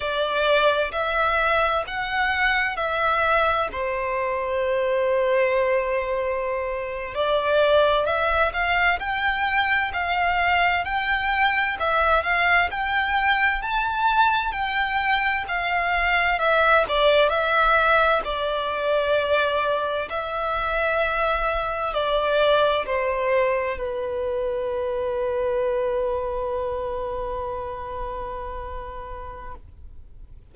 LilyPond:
\new Staff \with { instrumentName = "violin" } { \time 4/4 \tempo 4 = 65 d''4 e''4 fis''4 e''4 | c''2.~ c''8. d''16~ | d''8. e''8 f''8 g''4 f''4 g''16~ | g''8. e''8 f''8 g''4 a''4 g''16~ |
g''8. f''4 e''8 d''8 e''4 d''16~ | d''4.~ d''16 e''2 d''16~ | d''8. c''4 b'2~ b'16~ | b'1 | }